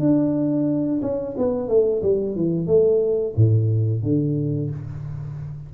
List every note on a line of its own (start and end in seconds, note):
0.00 1.01 D4
1.02 1.36 C#4
1.38 1.69 B3
1.69 2.02 A3
2.03 2.36 G3
2.36 2.67 E3
2.67 3.35 A3
3.36 4.03 A2
4.03 4.70 D3